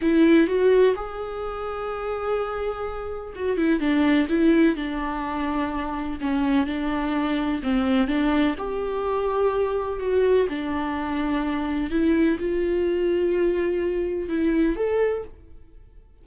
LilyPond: \new Staff \with { instrumentName = "viola" } { \time 4/4 \tempo 4 = 126 e'4 fis'4 gis'2~ | gis'2. fis'8 e'8 | d'4 e'4 d'2~ | d'4 cis'4 d'2 |
c'4 d'4 g'2~ | g'4 fis'4 d'2~ | d'4 e'4 f'2~ | f'2 e'4 a'4 | }